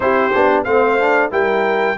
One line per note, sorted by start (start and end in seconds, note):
0.00 0.31 C4
0.00 0.30 E4
0.00 0.64 G4
0.00 0.63 C5
0.34 0.66 B3
0.34 0.66 D4
0.64 1.31 A3
0.64 0.99 C4
0.64 1.30 C5
0.64 1.30 F5
0.99 1.30 D4
1.30 1.97 G3
1.30 1.96 E4
1.30 1.97 A#4
1.30 1.98 G5